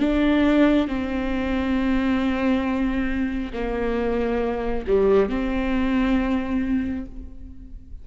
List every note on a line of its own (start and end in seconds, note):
0.00 0.88 D4
0.88 3.53 C4
3.53 4.86 A#3
4.88 5.30 G3
5.30 7.06 C4